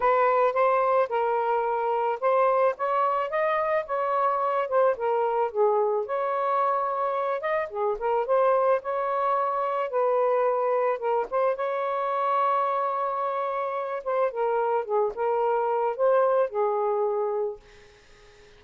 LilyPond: \new Staff \with { instrumentName = "saxophone" } { \time 4/4 \tempo 4 = 109 b'4 c''4 ais'2 | c''4 cis''4 dis''4 cis''4~ | cis''8 c''8 ais'4 gis'4 cis''4~ | cis''4. dis''8 gis'8 ais'8 c''4 |
cis''2 b'2 | ais'8 c''8 cis''2.~ | cis''4. c''8 ais'4 gis'8 ais'8~ | ais'4 c''4 gis'2 | }